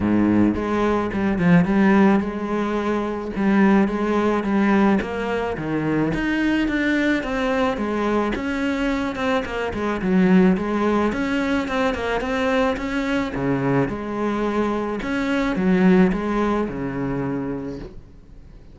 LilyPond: \new Staff \with { instrumentName = "cello" } { \time 4/4 \tempo 4 = 108 gis,4 gis4 g8 f8 g4 | gis2 g4 gis4 | g4 ais4 dis4 dis'4 | d'4 c'4 gis4 cis'4~ |
cis'8 c'8 ais8 gis8 fis4 gis4 | cis'4 c'8 ais8 c'4 cis'4 | cis4 gis2 cis'4 | fis4 gis4 cis2 | }